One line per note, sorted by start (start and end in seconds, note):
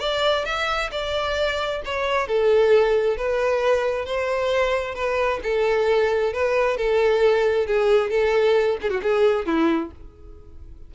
0.00 0.45 D5
0.46 0.91 E5
0.92 1.82 D5
1.85 2.28 C#5
2.28 3.17 A4
3.17 4.06 B4
4.06 4.95 C5
4.95 5.40 B4
5.43 6.33 A4
6.33 6.77 B4
6.77 7.67 A4
7.67 8.11 G#4
8.11 8.78 A4
8.82 8.90 G#4
8.90 9.01 F#4
9.03 9.46 G#4
9.46 9.91 E4